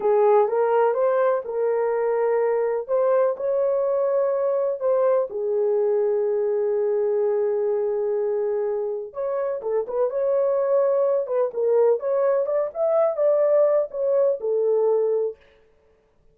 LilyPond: \new Staff \with { instrumentName = "horn" } { \time 4/4 \tempo 4 = 125 gis'4 ais'4 c''4 ais'4~ | ais'2 c''4 cis''4~ | cis''2 c''4 gis'4~ | gis'1~ |
gis'2. cis''4 | a'8 b'8 cis''2~ cis''8 b'8 | ais'4 cis''4 d''8 e''4 d''8~ | d''4 cis''4 a'2 | }